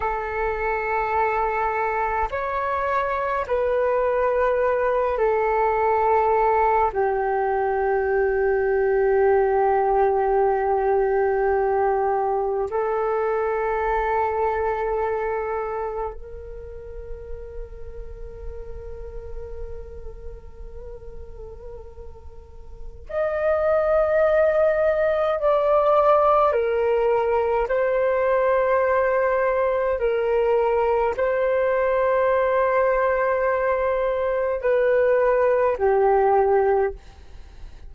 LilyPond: \new Staff \with { instrumentName = "flute" } { \time 4/4 \tempo 4 = 52 a'2 cis''4 b'4~ | b'8 a'4. g'2~ | g'2. a'4~ | a'2 ais'2~ |
ais'1 | dis''2 d''4 ais'4 | c''2 ais'4 c''4~ | c''2 b'4 g'4 | }